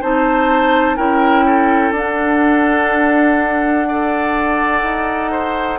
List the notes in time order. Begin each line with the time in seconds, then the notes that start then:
0.00 C4 D#4 C5 A5
0.96 C#4 E4 A#4 G5
1.46 A4
1.91 D4 F#5
3.87 A4 D5
4.82 D#4
5.31 C5